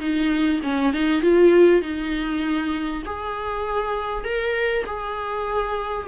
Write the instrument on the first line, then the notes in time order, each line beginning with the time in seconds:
viola
0.00 D#4
0.63 C#4
0.93 D#4
1.22 F4
1.82 D#4
3.06 G#4
4.24 A#4
4.86 G#4